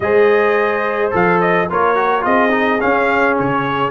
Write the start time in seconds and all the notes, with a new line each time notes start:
0.00 G#3 G#4 C5 D#5
1.11 F3 A4 F5
1.40 D#5
1.69 A#3 F4 A#4 C#5
1.95 F#4
2.21 C4 F4 G#4 D#5
2.50 D#4
2.80 C#4 F5
3.39 C#3 C#5